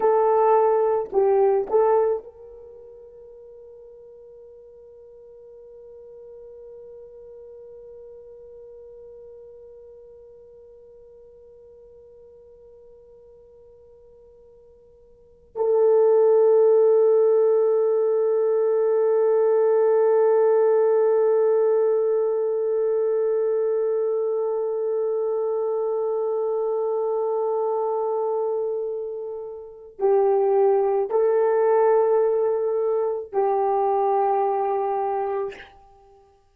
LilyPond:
\new Staff \with { instrumentName = "horn" } { \time 4/4 \tempo 4 = 54 a'4 g'8 a'8 ais'2~ | ais'1~ | ais'1~ | ais'2 a'2~ |
a'1~ | a'1~ | a'2. g'4 | a'2 g'2 | }